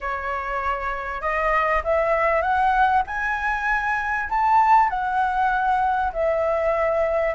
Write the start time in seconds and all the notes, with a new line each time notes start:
0.00 C#5
1.21 D#5
1.84 E5
2.41 F#5
3.06 G#5
4.29 A5
4.89 F#5
6.13 E5